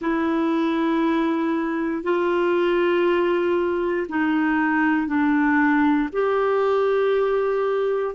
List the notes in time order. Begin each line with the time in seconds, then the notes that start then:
0.00 E4
2.03 F4
4.08 D#4
5.07 D4
6.12 G4